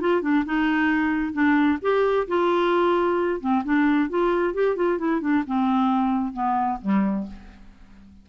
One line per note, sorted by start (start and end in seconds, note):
0.00 0.21 F4
0.21 0.44 D4
0.45 1.32 D#4
1.32 1.78 D4
1.81 2.27 G4
2.27 3.40 F4
3.40 3.63 C4
3.64 4.09 D4
4.09 4.54 F4
4.54 4.76 G4
4.76 4.98 F4
4.98 5.21 E4
5.21 5.43 D4
5.47 6.33 C4
6.33 6.79 B3
6.81 7.27 G3